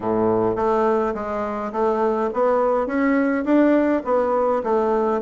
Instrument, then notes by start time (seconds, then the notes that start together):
bassoon
0.00 A2
0.56 A3
1.14 G#3
1.72 A3
2.33 B3
2.86 C#4
3.44 D4
4.04 B3
4.63 A3